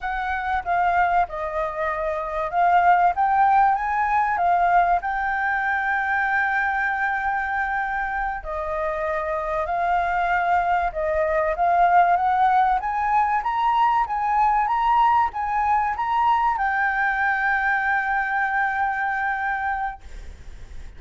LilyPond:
\new Staff \with { instrumentName = "flute" } { \time 4/4 \tempo 4 = 96 fis''4 f''4 dis''2 | f''4 g''4 gis''4 f''4 | g''1~ | g''4. dis''2 f''8~ |
f''4. dis''4 f''4 fis''8~ | fis''8 gis''4 ais''4 gis''4 ais''8~ | ais''8 gis''4 ais''4 g''4.~ | g''1 | }